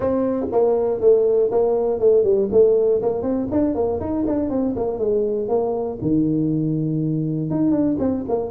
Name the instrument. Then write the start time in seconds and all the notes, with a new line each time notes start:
tuba
0.00 C4
0.51 A#3
1.00 A3
1.51 A#3
1.99 A3
2.23 G3
2.51 A3
3.01 A#3
3.22 C4
3.51 D4
3.75 A#3
4.00 D#4
4.26 D4
4.49 C4
4.75 A#3
4.98 G#3
5.48 A#3
6.01 D#3
7.50 D#4
7.71 D4
7.99 C4
8.28 A#3